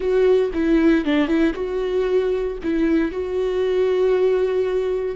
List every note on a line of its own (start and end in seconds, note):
0.00 0.50 F#4
0.53 1.04 E4
1.04 1.27 D4
1.27 1.53 E4
1.54 2.57 F#4
2.63 3.11 E4
3.11 5.15 F#4